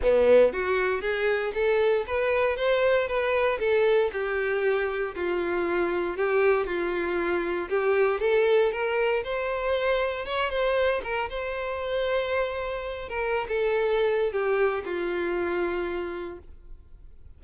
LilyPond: \new Staff \with { instrumentName = "violin" } { \time 4/4 \tempo 4 = 117 b4 fis'4 gis'4 a'4 | b'4 c''4 b'4 a'4 | g'2 f'2 | g'4 f'2 g'4 |
a'4 ais'4 c''2 | cis''8 c''4 ais'8 c''2~ | c''4. ais'8. a'4.~ a'16 | g'4 f'2. | }